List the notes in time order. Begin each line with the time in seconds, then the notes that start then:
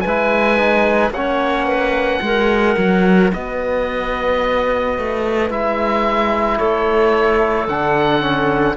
0.00 G#3 B4 G#5
0.07 E4
0.57 D#4
1.10 A#3 C#4 C#5 F#5
1.65 B4
2.21 G#3 F#4 A#4
2.77 F#3
3.32 B3 B4 D#5
4.98 A3
5.49 G#3 E4 E5
6.57 A3 A4 C#5
7.67 D3 D4 F#5
8.20 C#4